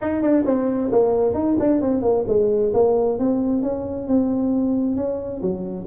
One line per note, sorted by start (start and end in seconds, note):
0.01 0.22 D#4
0.22 0.44 D4
0.45 0.90 C4
0.91 1.33 A#3
1.33 1.56 D#4
1.59 1.81 D4
1.81 2.02 C4
2.02 2.24 A#3
2.27 2.72 G#3
2.73 3.18 A#3
3.18 3.62 C4
3.62 4.07 C#4
4.07 4.96 C4
4.96 5.41 C#4
5.41 5.86 F#3